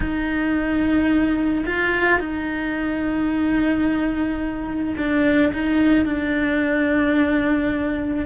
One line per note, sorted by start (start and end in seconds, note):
0.00 1.64 D#4
1.65 2.19 F4
2.19 4.94 D#4
4.97 5.52 D4
5.53 6.05 D#4
6.05 8.25 D4